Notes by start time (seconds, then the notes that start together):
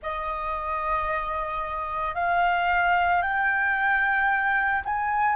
0.02 D#5
2.14 F5
3.21 G5
4.85 G#5